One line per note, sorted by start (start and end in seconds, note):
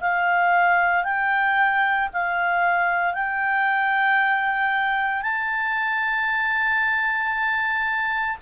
0.00 1.04 F5
1.04 2.09 G5
2.12 3.13 F5
3.13 5.22 G5
5.22 8.38 A5